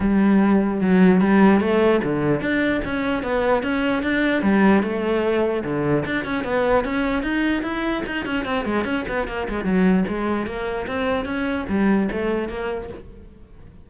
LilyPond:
\new Staff \with { instrumentName = "cello" } { \time 4/4 \tempo 4 = 149 g2 fis4 g4 | a4 d4 d'4 cis'4 | b4 cis'4 d'4 g4 | a2 d4 d'8 cis'8 |
b4 cis'4 dis'4 e'4 | dis'8 cis'8 c'8 gis8 cis'8 b8 ais8 gis8 | fis4 gis4 ais4 c'4 | cis'4 g4 a4 ais4 | }